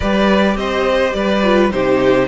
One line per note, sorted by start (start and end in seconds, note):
0.00 0.55 G3
0.00 1.43 G4
0.00 0.56 B4
0.00 0.56 D5
0.55 1.12 C4
0.55 1.15 C5
0.55 1.12 D#5
1.12 1.72 G3
1.12 1.72 B4
1.12 1.69 D5
1.43 1.71 F4
1.71 2.27 C3
1.71 2.27 D#4
1.71 2.27 G4
1.71 2.27 C5